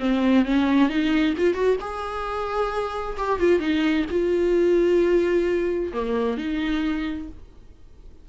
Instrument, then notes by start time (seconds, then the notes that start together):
viola
0.00 C4
0.45 C#4
0.89 D#4
1.37 F4
1.54 F#4
1.81 G#4
3.17 G4
3.39 F4
3.60 D#4
4.11 F4
5.93 A#3
6.38 D#4